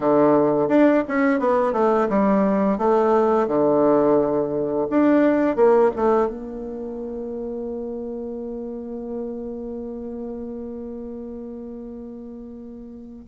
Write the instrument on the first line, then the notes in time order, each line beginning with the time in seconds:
bassoon
0.00 D3
0.68 D4
1.08 C#4
1.40 B3
1.73 A3
2.09 G3
2.77 A3
3.47 D3
4.90 D4
5.56 A#3
5.96 A3
6.27 A#3